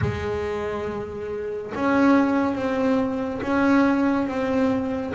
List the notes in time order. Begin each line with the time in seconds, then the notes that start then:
0.01 G#3
1.75 C#4
2.55 C4
3.41 C#4
4.27 C4